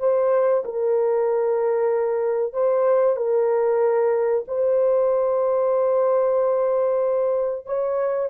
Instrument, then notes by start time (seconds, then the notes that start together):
horn
0.00 C5
0.65 A#4
2.54 C5
3.17 A#4
4.48 C5
7.66 C#5